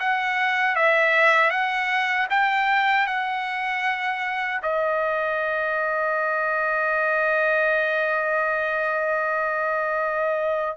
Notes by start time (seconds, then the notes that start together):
0.00 F#5
0.76 E5
1.51 F#5
2.30 G5
3.07 F#5
4.63 D#5